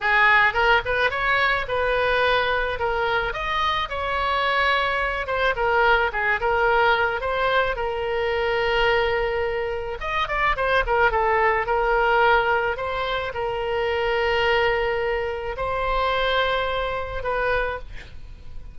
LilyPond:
\new Staff \with { instrumentName = "oboe" } { \time 4/4 \tempo 4 = 108 gis'4 ais'8 b'8 cis''4 b'4~ | b'4 ais'4 dis''4 cis''4~ | cis''4. c''8 ais'4 gis'8 ais'8~ | ais'4 c''4 ais'2~ |
ais'2 dis''8 d''8 c''8 ais'8 | a'4 ais'2 c''4 | ais'1 | c''2. b'4 | }